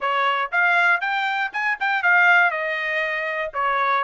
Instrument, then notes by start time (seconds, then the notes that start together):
trumpet
0.00 C#5
0.51 F5
1.00 G5
1.52 G#5
1.79 G5
2.02 F5
2.50 D#5
3.53 C#5